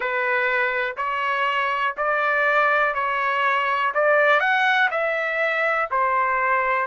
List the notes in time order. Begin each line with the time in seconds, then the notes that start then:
0.00 B4
0.97 C#5
1.97 D5
2.94 C#5
3.94 D5
4.40 F#5
4.90 E5
5.90 C5